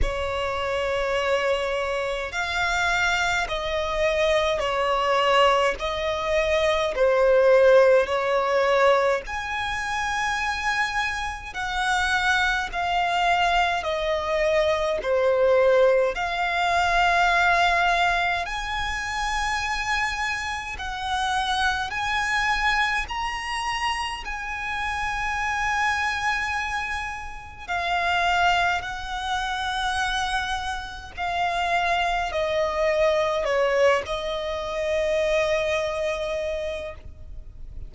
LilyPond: \new Staff \with { instrumentName = "violin" } { \time 4/4 \tempo 4 = 52 cis''2 f''4 dis''4 | cis''4 dis''4 c''4 cis''4 | gis''2 fis''4 f''4 | dis''4 c''4 f''2 |
gis''2 fis''4 gis''4 | ais''4 gis''2. | f''4 fis''2 f''4 | dis''4 cis''8 dis''2~ dis''8 | }